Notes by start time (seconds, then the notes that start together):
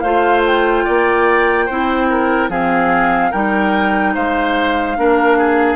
0.00 A3 F4 C5 F5
0.46 G5
0.84 A#3 D5
1.65 C4 E4 C5
2.10 A#4
2.49 F3 C4 G#4 F5
3.31 G3 D#4 A#4 G5
4.15 G#3 C5 F5
4.97 A#3 D4 A#4
5.38 G#4